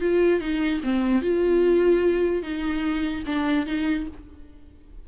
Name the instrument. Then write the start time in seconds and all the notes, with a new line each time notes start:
viola
0.00 F4
0.40 D#4
0.83 C4
1.21 F4
2.42 D#4
3.26 D4
3.66 D#4